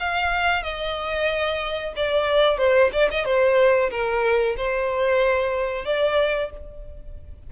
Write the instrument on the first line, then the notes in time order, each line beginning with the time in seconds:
violin
0.00 F5
0.63 D#5
1.96 D5
2.58 C5
2.93 D5
3.11 D#5
3.25 C5
3.91 A#4
4.57 C5
5.85 D5